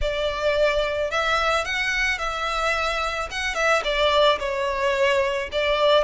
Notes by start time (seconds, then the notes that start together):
0.01 D5
1.10 E5
1.64 F#5
2.18 E5
3.30 F#5
3.55 E5
3.84 D5
4.39 C#5
5.52 D5